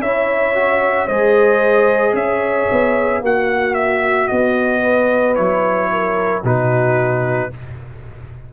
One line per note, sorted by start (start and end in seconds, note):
0.00 1.07 C#4
0.00 0.55 E4
0.00 1.06 C#5
0.00 1.07 E5
0.55 1.08 F#4
1.06 2.13 G#3
1.06 3.23 G#4
1.06 2.13 C5
1.06 2.15 D#5
2.13 2.67 C#4
2.13 3.23 C#5
2.13 3.23 E5
2.71 3.21 B3
3.21 4.28 A#3
3.21 5.36 F#4
3.21 4.82 F#4
3.21 3.74 F#5
3.74 4.28 E5
4.28 5.38 B3
4.28 5.35 D#5
4.82 5.89 B4
5.35 6.44 F#3
5.35 6.43 E4
5.35 6.42 C#5
5.92 6.43 A#4
6.43 7.51 B2
6.43 7.51 D#4
6.43 7.50 F#4
6.43 7.53 B4